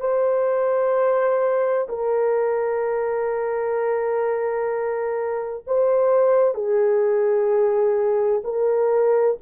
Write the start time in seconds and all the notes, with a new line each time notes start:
0.00 C5
1.89 A#4
5.67 C5
6.55 G#4
8.44 A#4